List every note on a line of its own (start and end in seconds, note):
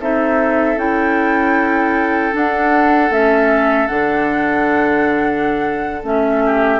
0.00 0.76 C4
0.00 0.77 D#4
0.00 6.43 A4
0.00 0.79 E5
0.76 2.32 C#4
0.76 2.32 E4
0.76 2.34 G5
2.32 3.10 D4
2.32 3.09 D4
2.32 3.12 F#5
3.09 3.87 A3
3.09 3.88 C#4
3.09 3.87 E5
3.87 6.03 D3
3.87 6.02 D4
3.87 6.02 F#5
6.03 6.80 A3
6.03 6.80 C#4
6.03 6.80 E5
6.45 6.80 G4